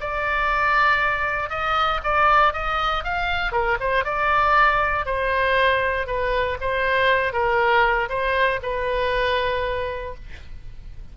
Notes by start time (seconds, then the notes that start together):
0.00 D5
1.49 D#5
2.03 D5
2.53 D#5
3.03 F5
3.52 A#4
3.80 C5
4.04 D5
5.05 C5
6.06 B4
6.60 C5
7.32 A#4
8.09 C5
8.62 B4